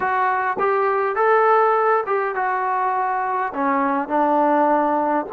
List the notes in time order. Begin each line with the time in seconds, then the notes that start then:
0.00 F#4
0.59 G4
1.15 A4
2.06 G4
2.35 F#4
3.54 C#4
4.08 D4